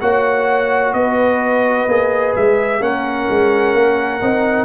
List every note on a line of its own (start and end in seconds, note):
0.00 0.93 A#3
0.00 1.88 F#4
0.00 0.95 C#5
0.00 0.93 F#5
0.93 1.87 B3
0.93 2.82 B4
0.93 2.34 D#5
1.87 2.34 A#3
1.87 2.80 G#4
2.35 2.79 G#3
2.35 2.82 E5
2.79 3.26 A#3
2.79 4.20 C#4
2.79 4.65 A#4
2.79 4.65 F#5
3.29 3.74 G#3
3.74 4.21 A#3
4.20 4.65 C4
4.20 4.65 D#4